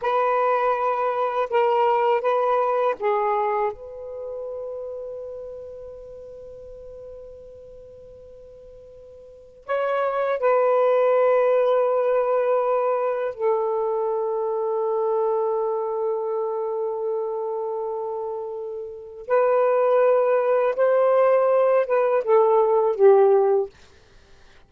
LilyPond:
\new Staff \with { instrumentName = "saxophone" } { \time 4/4 \tempo 4 = 81 b'2 ais'4 b'4 | gis'4 b'2.~ | b'1~ | b'4 cis''4 b'2~ |
b'2 a'2~ | a'1~ | a'2 b'2 | c''4. b'8 a'4 g'4 | }